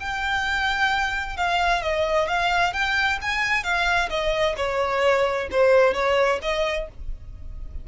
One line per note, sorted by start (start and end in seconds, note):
0.00 1.37 G5
1.37 1.82 F5
1.82 2.28 D#5
2.28 2.73 F5
2.73 3.19 G5
3.21 3.63 G#5
3.63 4.09 F5
4.10 4.56 D#5
4.57 5.48 C#5
5.51 5.94 C5
5.94 6.39 C#5
6.42 6.88 D#5